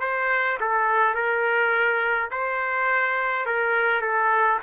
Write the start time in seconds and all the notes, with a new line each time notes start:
0.00 C5
0.60 A4
1.14 A#4
2.31 C5
3.45 A#4
4.01 A4